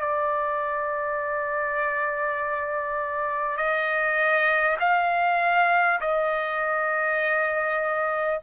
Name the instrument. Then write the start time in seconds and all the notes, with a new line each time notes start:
trumpet
0.00 D5
3.57 D#5
4.79 F5
6.01 D#5